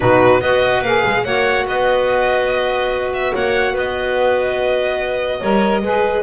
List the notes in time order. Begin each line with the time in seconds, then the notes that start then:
0.00 B2 D#4 F#4 B4
0.40 B3 F#4 B4 D#5
0.82 A#3 G#4 F5
1.05 G#3
1.24 A#3 F#4 C#5 F#5
1.66 B3 B4 D#5
3.13 E5
3.34 A#3 C#5 F#5
3.72 B3 B4 D#5
5.39 G3 A#4 C#5
5.82 G#3 G#4 B4